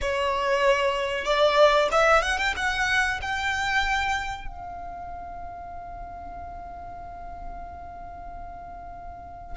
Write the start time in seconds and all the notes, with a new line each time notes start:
0.01 C#5
1.24 D5
1.91 E5
2.22 F#5
2.38 G5
2.56 F#5
3.21 G5
4.47 F5